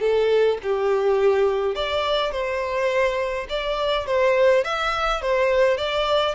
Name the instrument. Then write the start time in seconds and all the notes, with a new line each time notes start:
violin
0.00 A4
0.62 G4
1.75 D5
2.31 C5
3.49 D5
4.06 C5
4.64 E5
5.22 C5
5.77 D5